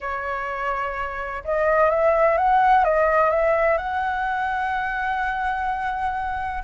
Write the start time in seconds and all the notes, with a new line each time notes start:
0.00 C#5
1.44 D#5
1.90 E5
2.37 F#5
2.84 D#5
3.30 E5
3.77 F#5